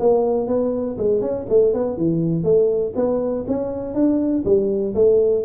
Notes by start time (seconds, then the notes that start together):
0.00 A#3
0.48 B3
0.98 G#3
1.21 C#4
1.49 A3
1.74 B3
1.97 E3
2.44 A3
2.96 B3
3.48 C#4
3.94 D4
4.45 G3
4.95 A3